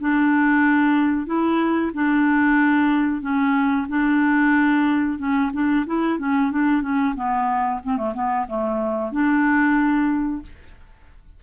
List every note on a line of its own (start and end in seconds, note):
0.00 1.26 D4
1.26 1.91 E4
1.93 3.21 D4
3.21 3.86 C#4
3.88 5.18 D4
5.18 5.51 C#4
5.53 5.85 D4
5.86 6.18 E4
6.18 6.51 C#4
6.51 6.82 D4
6.82 7.14 C#4
7.15 7.80 B3
7.83 7.97 C4
7.97 8.13 A3
8.14 8.46 B3
8.47 9.12 A3
9.12 10.42 D4